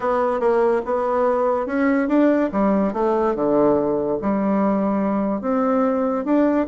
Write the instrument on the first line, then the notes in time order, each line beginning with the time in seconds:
bassoon
0.00 B3
0.40 A#3
0.85 B3
1.66 C#4
2.08 D4
2.52 G3
2.93 A3
3.35 D3
4.21 G3
5.41 C4
6.24 D4